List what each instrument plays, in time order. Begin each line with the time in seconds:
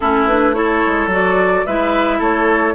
0.00 bassoon A3, clarinet C#4, oboe E4, flute A4
0.26 clarinet D4, flute B4
0.54 clarinet E4, oboe A4, flute C#5
0.85 bassoon G#3
1.07 bassoon F#3, clarinet F#4
1.13 flute D5
1.66 bassoon G#3, clarinet E4, oboe B4, flute E5
2.18 bassoon A3, oboe A4, flute C#5